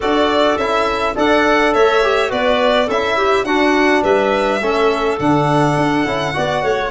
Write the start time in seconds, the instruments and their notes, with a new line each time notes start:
0.00 tuba D4, trombone F#4, clarinet A4, violin D5
0.56 tuba C#4, trombone E4, violin E5
1.15 tuba D4, trombone A4, clarinet D5, violin F#5
1.73 tuba A3, clarinet C#5, violin E5
2.02 trombone G4
2.29 tuba B3, trombone F#4, clarinet B4, violin D5
2.86 tuba C#4, trombone E4, clarinet A4, violin E5
3.16 clarinet G4
3.44 tuba D4, trombone D4, clarinet F#4, violin F#5
4.02 tuba G3, clarinet B4, violin E5
4.60 tuba A3, trombone C#4, clarinet A4
5.19 tuba D3, trombone D4, violin F#5
5.76 tuba D4
6.05 tuba C#4, trombone E4
6.33 tuba B3, trombone F#4, clarinet D5
6.62 tuba A3, clarinet C#5